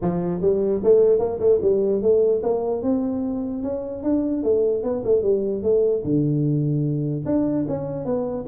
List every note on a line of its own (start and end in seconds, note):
0.01 0.41 F3
0.41 0.81 G3
0.83 1.19 A3
1.19 1.39 A#3
1.39 1.59 A3
1.61 2.01 G3
2.01 2.42 A3
2.43 2.82 A#3
2.82 3.63 C4
3.63 4.03 C#4
4.03 4.43 D4
4.43 4.83 A3
4.83 5.03 B3
5.04 5.22 A3
5.22 5.62 G3
5.62 6.03 A3
6.04 7.24 D3
7.25 7.65 D4
7.67 8.05 C#4
8.05 8.45 B3